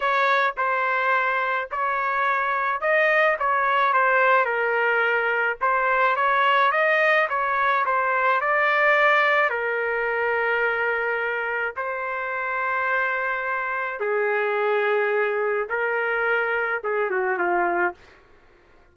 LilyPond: \new Staff \with { instrumentName = "trumpet" } { \time 4/4 \tempo 4 = 107 cis''4 c''2 cis''4~ | cis''4 dis''4 cis''4 c''4 | ais'2 c''4 cis''4 | dis''4 cis''4 c''4 d''4~ |
d''4 ais'2.~ | ais'4 c''2.~ | c''4 gis'2. | ais'2 gis'8 fis'8 f'4 | }